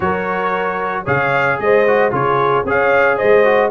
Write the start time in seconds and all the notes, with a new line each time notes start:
0.00 F#3 F#4 A#4 C#5
1.04 C#3 G#4 C#5 F5
1.59 G#3 C5 D#5
1.87 F#4
2.10 C#3 F4 G#4 C#5
2.64 C#4 G#4 C#5 F5
3.16 C5 D#5
3.23 G#3
3.44 F#4